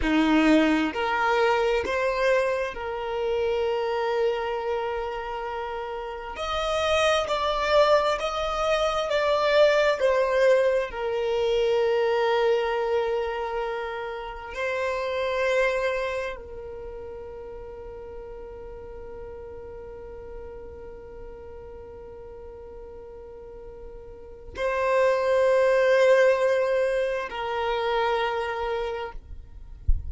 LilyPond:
\new Staff \with { instrumentName = "violin" } { \time 4/4 \tempo 4 = 66 dis'4 ais'4 c''4 ais'4~ | ais'2. dis''4 | d''4 dis''4 d''4 c''4 | ais'1 |
c''2 ais'2~ | ais'1~ | ais'2. c''4~ | c''2 ais'2 | }